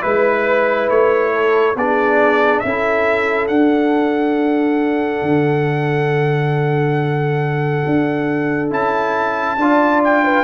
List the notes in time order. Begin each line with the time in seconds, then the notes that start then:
0.00 G#3 E4 B4
0.89 A3 C#5
1.32 A4
1.75 B3 D4 G#4 D5
2.59 C#4 A4 E5
2.66 E4
3.47 D4 F#5
5.22 D3
7.85 D4
8.70 C#4 E4 A5
9.56 D4 F4 D5
10.04 G5
10.24 B4